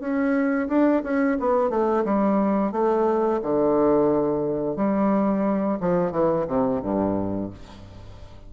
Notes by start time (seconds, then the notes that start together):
0.00 C#4
0.68 D4
1.04 C#4
1.40 B3
1.70 A3
2.05 G3
2.72 A3
3.42 D3
4.77 G3
5.80 F3
6.12 E3
6.47 C3
6.82 G2